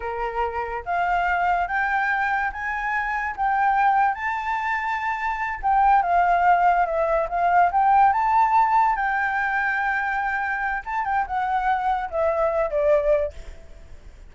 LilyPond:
\new Staff \with { instrumentName = "flute" } { \time 4/4 \tempo 4 = 144 ais'2 f''2 | g''2 gis''2 | g''2 a''2~ | a''4. g''4 f''4.~ |
f''8 e''4 f''4 g''4 a''8~ | a''4. g''2~ g''8~ | g''2 a''8 g''8 fis''4~ | fis''4 e''4. d''4. | }